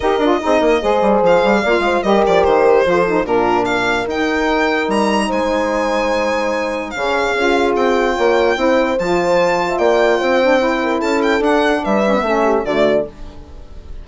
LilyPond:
<<
  \new Staff \with { instrumentName = "violin" } { \time 4/4 \tempo 4 = 147 dis''2. f''4~ | f''4 dis''8 d''8 c''2 | ais'4 f''4 g''2 | ais''4 gis''2.~ |
gis''4 f''2 g''4~ | g''2 a''2 | g''2. a''8 g''8 | fis''4 e''2 d''4 | }
  \new Staff \with { instrumentName = "horn" } { \time 4/4 ais'4 gis'8 ais'8 c''2 | d''8 c''8 ais'2 a'4 | f'4 ais'2.~ | ais'4 c''2.~ |
c''4 gis'2. | cis''4 c''2~ c''8. e''16 | d''4 c''4. ais'8 a'4~ | a'4 b'4 a'8 g'8 fis'4 | }
  \new Staff \with { instrumentName = "saxophone" } { \time 4/4 g'8 f'8 dis'4 gis'2 | f'4 g'2 f'8 dis'8 | d'2 dis'2~ | dis'1~ |
dis'4 cis'4 f'2~ | f'4 e'4 f'2~ | f'4. d'8 e'2 | d'4. cis'16 b16 cis'4 a4 | }
  \new Staff \with { instrumentName = "bassoon" } { \time 4/4 dis'8 d'8 c'8 ais8 gis8 g8 f8 g8 | ais8 gis8 g8 f8 dis4 f4 | ais,2 dis'2 | g4 gis2.~ |
gis4 cis4 cis'4 c'4 | ais4 c'4 f2 | ais4 c'2 cis'4 | d'4 g4 a4 d4 | }
>>